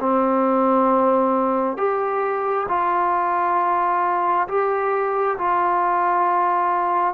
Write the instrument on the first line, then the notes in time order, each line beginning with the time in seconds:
trombone
0.00 C4
1.77 G4
2.69 F4
4.48 G4
5.39 F4